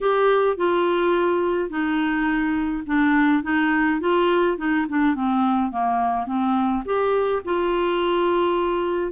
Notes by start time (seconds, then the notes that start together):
0.01 G4
0.57 F4
1.69 D#4
2.86 D4
3.43 D#4
4.00 F4
4.57 D#4
4.88 D4
5.15 C4
5.71 A#3
6.26 C4
6.85 G4
7.44 F4